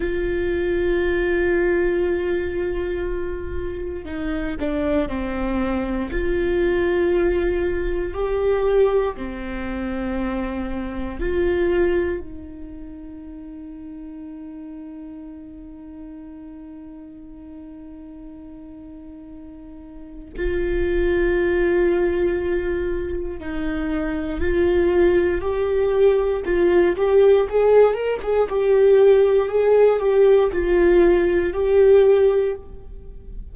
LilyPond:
\new Staff \with { instrumentName = "viola" } { \time 4/4 \tempo 4 = 59 f'1 | dis'8 d'8 c'4 f'2 | g'4 c'2 f'4 | dis'1~ |
dis'1 | f'2. dis'4 | f'4 g'4 f'8 g'8 gis'8 ais'16 gis'16 | g'4 gis'8 g'8 f'4 g'4 | }